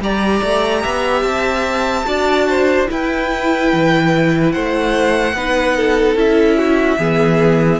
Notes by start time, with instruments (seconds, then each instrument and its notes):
0.00 cello G3, viola G4, violin D5 A#5
0.43 cello A3
0.82 cello B3, violin E5
1.22 cello C4, violin A5
2.06 cello D4, viola F#4, violin D5
2.49 violin C5
2.87 viola E4, cello E4, violin B4 G5
3.73 cello E3
4.52 cello A3, violin C5 F#5
5.33 cello B3, viola D#4, violin B4
5.77 violin A4
6.15 cello C#4, viola E4, violin E5
6.58 violin F#4
6.98 cello E3, viola B3, violin G#4